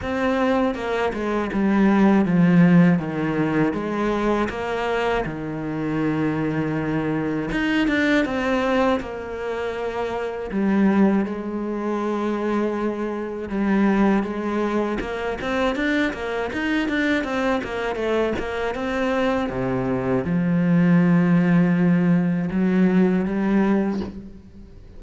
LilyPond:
\new Staff \with { instrumentName = "cello" } { \time 4/4 \tempo 4 = 80 c'4 ais8 gis8 g4 f4 | dis4 gis4 ais4 dis4~ | dis2 dis'8 d'8 c'4 | ais2 g4 gis4~ |
gis2 g4 gis4 | ais8 c'8 d'8 ais8 dis'8 d'8 c'8 ais8 | a8 ais8 c'4 c4 f4~ | f2 fis4 g4 | }